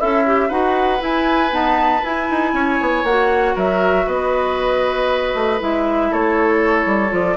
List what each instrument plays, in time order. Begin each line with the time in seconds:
0.00 bassoon C#4, oboe E4, clarinet A4, flute E5
0.26 clarinet G4
0.48 bassoon D#4, clarinet F#4, oboe B4, flute F#5
0.99 clarinet E4, bassoon E4, flute G#5
1.50 clarinet B3, bassoon D#4, flute A5
2.04 bassoon E4, clarinet E4, flute G#5
2.30 bassoon D#4
2.53 bassoon C#4, oboe C#5
2.81 bassoon B3
3.04 bassoon A#3, clarinet F#4, flute F#5
3.55 bassoon F#3, oboe A#4, flute E5
4.07 bassoon B3, oboe B4, flute D#5
5.35 bassoon A3
5.60 bassoon G#3, clarinet E4, flute E5
6.11 bassoon A3, oboe A4, flute C#5
6.86 bassoon G3
7.09 bassoon F3, clarinet F4, flute D5